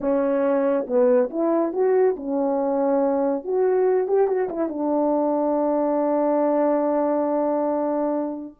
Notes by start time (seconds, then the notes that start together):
0.00 C#4
0.86 B3
1.30 E4
1.72 F#4
2.16 C#4
3.44 F#4
4.07 G4
4.27 F#4
4.49 E4
4.69 D4